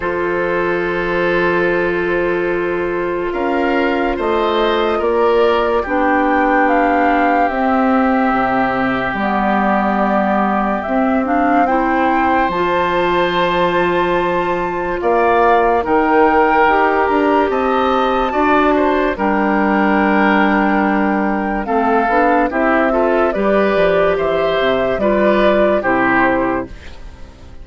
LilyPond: <<
  \new Staff \with { instrumentName = "flute" } { \time 4/4 \tempo 4 = 72 c''1 | f''4 dis''4 d''4 g''4 | f''4 e''2 d''4~ | d''4 e''8 f''8 g''4 a''4~ |
a''2 f''4 g''4~ | g''8 ais''8 a''2 g''4~ | g''2 f''4 e''4 | d''4 e''4 d''4 c''4 | }
  \new Staff \with { instrumentName = "oboe" } { \time 4/4 a'1 | ais'4 c''4 ais'4 g'4~ | g'1~ | g'2 c''2~ |
c''2 d''4 ais'4~ | ais'4 dis''4 d''8 c''8 ais'4~ | ais'2 a'4 g'8 a'8 | b'4 c''4 b'4 g'4 | }
  \new Staff \with { instrumentName = "clarinet" } { \time 4/4 f'1~ | f'2. d'4~ | d'4 c'2 b4~ | b4 c'8 d'8 e'4 f'4~ |
f'2. dis'4 | g'2 fis'4 d'4~ | d'2 c'8 d'8 e'8 f'8 | g'2 f'4 e'4 | }
  \new Staff \with { instrumentName = "bassoon" } { \time 4/4 f1 | cis'4 a4 ais4 b4~ | b4 c'4 c4 g4~ | g4 c'2 f4~ |
f2 ais4 dis4 | dis'8 d'8 c'4 d'4 g4~ | g2 a8 b8 c'4 | g8 f8 e8 c8 g4 c4 | }
>>